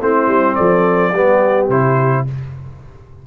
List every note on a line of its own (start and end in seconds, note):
0.00 0.27 A3
0.00 1.14 C4
0.00 0.57 E4
0.00 0.55 C5
0.27 0.55 G3
0.55 1.14 F3
0.55 1.12 A4
0.55 1.67 D5
1.12 1.69 G3
1.12 1.71 B3
1.12 2.25 G4
1.69 2.25 C3
1.69 2.27 E4
1.69 2.26 C5